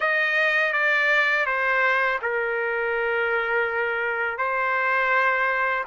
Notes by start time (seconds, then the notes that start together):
0.00 D#5
0.73 D5
1.46 C5
2.22 A#4
4.38 C5